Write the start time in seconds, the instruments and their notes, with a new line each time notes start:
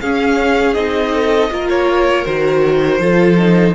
0.00 cello C#4, viola C#4, violin G#4 F5
0.73 cello C4, viola D#4, violin D#5
1.12 violin A4
1.50 cello A#3, viola F4, violin A#4
1.69 violin C#5
2.25 cello D#3, viola F#4, violin C5
2.98 cello F3, viola F4, violin A4
3.37 viola D#4